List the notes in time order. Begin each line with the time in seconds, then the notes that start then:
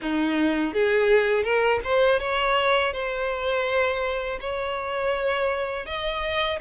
0.01 D#4
0.73 G#4
1.43 A#4
1.84 C5
2.19 C#5
2.92 C5
4.40 C#5
5.85 D#5